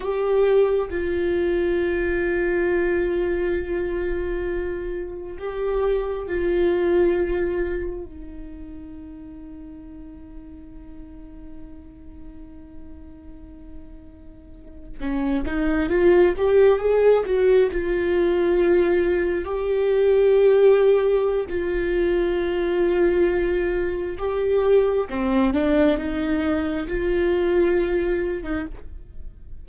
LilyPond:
\new Staff \with { instrumentName = "viola" } { \time 4/4 \tempo 4 = 67 g'4 f'2.~ | f'2 g'4 f'4~ | f'4 dis'2.~ | dis'1~ |
dis'8. cis'8 dis'8 f'8 g'8 gis'8 fis'8 f'16~ | f'4.~ f'16 g'2~ g'16 | f'2. g'4 | c'8 d'8 dis'4 f'4.~ f'16 dis'16 | }